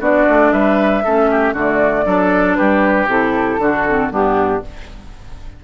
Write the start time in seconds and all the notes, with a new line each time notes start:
0.00 B3 D4 F#4 D5
0.29 A3
0.52 G3 B4 E5
1.04 A3 C#4 A4
1.31 G4
1.53 D3 A3 F#4 D5
2.06 F#3 D4 A4
2.56 G3 G4 B4
3.07 C3 E4 A4
3.59 D3 D4 F#4
3.88 C4
4.11 G2 B3 D4 G4